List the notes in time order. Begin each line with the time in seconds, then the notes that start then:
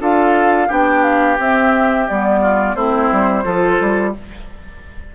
0.00 D4 F4 A4 F5
0.68 B3 D4 G4 G5
1.03 F5
1.39 C4 E5
2.09 G3 B3 D5
2.42 F4
2.75 A3 C4 E4 C5
3.12 G3
3.45 F3 F4 A4
3.81 G3